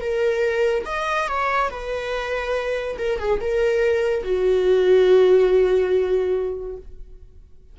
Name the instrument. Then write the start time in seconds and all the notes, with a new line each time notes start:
viola
0.00 A#4
0.85 D#5
1.27 C#5
1.70 B4
2.98 A#4
3.18 G#4
3.40 A#4
4.23 F#4